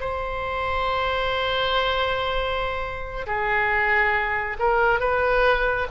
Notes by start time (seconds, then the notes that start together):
0.00 C5
3.26 G#4
4.59 A#4
5.00 B4